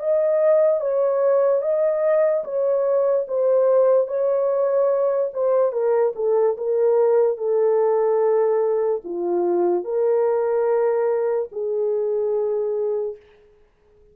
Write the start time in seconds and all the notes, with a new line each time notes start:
0.00 D#5
0.81 C#5
1.62 D#5
2.44 C#5
3.28 C5
4.08 C#5
5.33 C5
5.72 A#4
6.16 A4
6.58 A#4
7.38 A4
9.05 F4
9.84 A#4
11.52 G#4